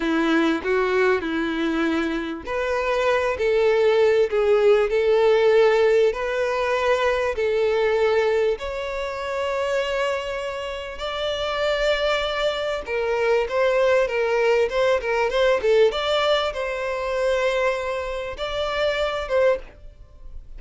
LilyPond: \new Staff \with { instrumentName = "violin" } { \time 4/4 \tempo 4 = 98 e'4 fis'4 e'2 | b'4. a'4. gis'4 | a'2 b'2 | a'2 cis''2~ |
cis''2 d''2~ | d''4 ais'4 c''4 ais'4 | c''8 ais'8 c''8 a'8 d''4 c''4~ | c''2 d''4. c''8 | }